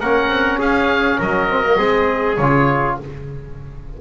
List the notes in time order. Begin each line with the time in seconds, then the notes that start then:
0.00 A#3 C#4 A#4 F#5
0.28 C4
0.59 C#4 G#4 F5
1.18 F#3 A#4 D#5
1.49 C4
1.63 A#3
1.77 G#3 C4 G#4
2.36 C#3 F4 C#5